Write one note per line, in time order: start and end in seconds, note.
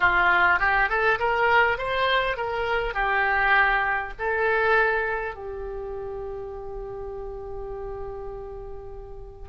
0.00 0.59 F4
0.59 0.89 G4
0.89 1.19 A4
1.19 1.78 A#4
1.78 2.36 C5
2.36 2.94 A#4
2.94 4.13 G4
4.18 5.34 A4
5.34 9.48 G4